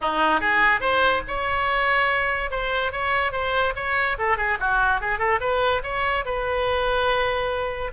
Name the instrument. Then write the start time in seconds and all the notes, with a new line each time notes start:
oboe
0.01 D#4
0.40 G#4
0.80 C5
1.27 C#5
2.50 C5
2.92 C#5
3.31 C5
3.75 C#5
4.18 A4
4.37 G#4
4.59 F#4
5.00 G#4
5.19 A4
5.40 B4
5.83 C#5
6.25 B4